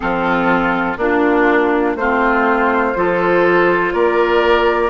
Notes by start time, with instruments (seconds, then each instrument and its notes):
0.00 bassoon F3, clarinet C4, oboe F4, flute A4
0.97 bassoon A#3, oboe D4, clarinet D4, flute F4
1.95 bassoon A3, clarinet C4, oboe F4, flute C5
2.95 bassoon F3, clarinet F4, oboe A4
3.92 bassoon A#3, oboe A#4, flute D5